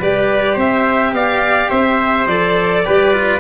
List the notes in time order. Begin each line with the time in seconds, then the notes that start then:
0.00 G3 G4 B4 D5
0.54 C4 C5 E5
1.13 B3 D5 F5
1.70 C4 C5 E5
2.27 F3 A4 D5
2.86 G3 G4 B4
3.14 F4